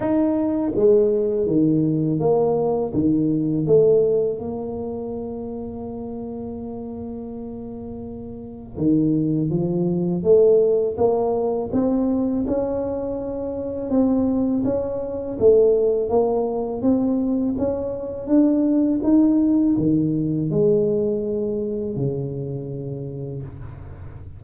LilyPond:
\new Staff \with { instrumentName = "tuba" } { \time 4/4 \tempo 4 = 82 dis'4 gis4 dis4 ais4 | dis4 a4 ais2~ | ais1 | dis4 f4 a4 ais4 |
c'4 cis'2 c'4 | cis'4 a4 ais4 c'4 | cis'4 d'4 dis'4 dis4 | gis2 cis2 | }